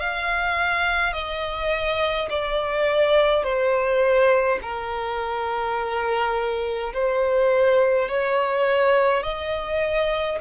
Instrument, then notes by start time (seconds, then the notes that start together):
violin
0.00 F5
1.13 D#5
2.30 D5
3.44 C5
4.63 A#4
6.94 C5
8.09 C#5
9.24 D#5